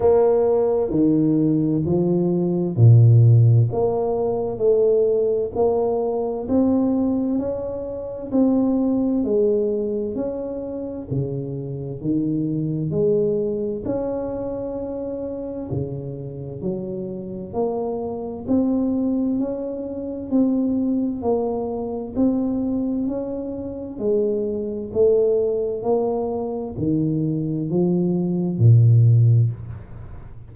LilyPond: \new Staff \with { instrumentName = "tuba" } { \time 4/4 \tempo 4 = 65 ais4 dis4 f4 ais,4 | ais4 a4 ais4 c'4 | cis'4 c'4 gis4 cis'4 | cis4 dis4 gis4 cis'4~ |
cis'4 cis4 fis4 ais4 | c'4 cis'4 c'4 ais4 | c'4 cis'4 gis4 a4 | ais4 dis4 f4 ais,4 | }